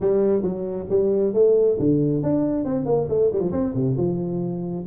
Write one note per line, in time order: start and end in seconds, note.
0.00 0.42 G3
0.42 0.86 F#3
0.89 1.33 G3
1.33 1.77 A3
1.79 2.23 D3
2.23 2.64 D4
2.64 2.85 C4
2.85 3.07 A#3
3.08 3.30 A3
3.32 3.40 G3
3.40 3.51 F3
3.51 3.73 C4
3.74 3.96 C3
3.97 4.85 F3